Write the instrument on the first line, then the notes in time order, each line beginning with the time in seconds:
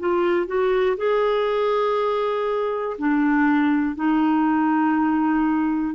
clarinet
0.00 F4
0.47 F#4
0.97 G#4
2.98 D4
3.96 D#4